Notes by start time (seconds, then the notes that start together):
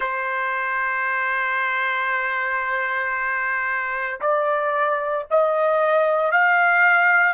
0.00 C5
4.21 D5
5.30 D#5
6.32 F5